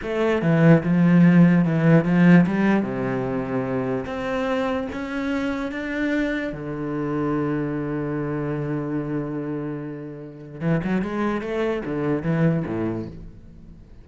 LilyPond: \new Staff \with { instrumentName = "cello" } { \time 4/4 \tempo 4 = 147 a4 e4 f2 | e4 f4 g4 c4~ | c2 c'2 | cis'2 d'2 |
d1~ | d1~ | d2 e8 fis8 gis4 | a4 d4 e4 a,4 | }